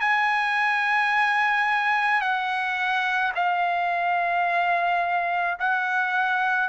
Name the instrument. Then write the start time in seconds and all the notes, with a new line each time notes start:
trumpet
0.00 G#5
2.21 F#5
3.35 F5
5.59 F#5